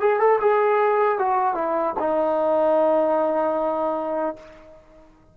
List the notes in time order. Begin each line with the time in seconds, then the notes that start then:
0.00 G#4
0.20 A4
0.41 G#4
1.19 F#4
1.55 E4
2.00 D#4